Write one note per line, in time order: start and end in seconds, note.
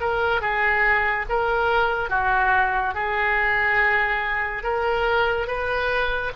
0.00 0.41 A#4
0.41 1.26 G#4
1.29 2.10 A#4
2.10 2.94 F#4
2.94 4.63 G#4
4.63 5.47 A#4
5.47 6.31 B4